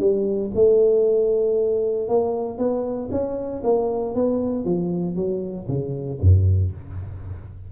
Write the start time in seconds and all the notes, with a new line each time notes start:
0.00 G3
0.55 A3
2.08 A#3
2.58 B3
3.12 C#4
3.64 A#3
4.15 B3
4.65 F3
5.16 F#3
5.68 C#3
6.21 F#2